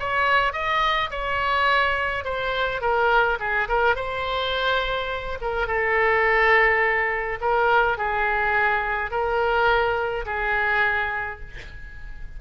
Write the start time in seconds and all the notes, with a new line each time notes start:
0.00 C#5
0.54 D#5
1.11 C#5
2.25 C5
2.82 A#4
3.40 G#4
3.69 A#4
3.96 C5
5.42 A#4
5.68 A4
7.42 A#4
7.98 G#4
9.11 A#4
10.26 G#4